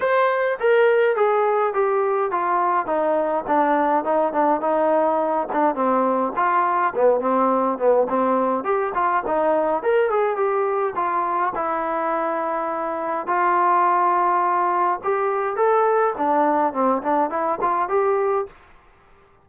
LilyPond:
\new Staff \with { instrumentName = "trombone" } { \time 4/4 \tempo 4 = 104 c''4 ais'4 gis'4 g'4 | f'4 dis'4 d'4 dis'8 d'8 | dis'4. d'8 c'4 f'4 | b8 c'4 b8 c'4 g'8 f'8 |
dis'4 ais'8 gis'8 g'4 f'4 | e'2. f'4~ | f'2 g'4 a'4 | d'4 c'8 d'8 e'8 f'8 g'4 | }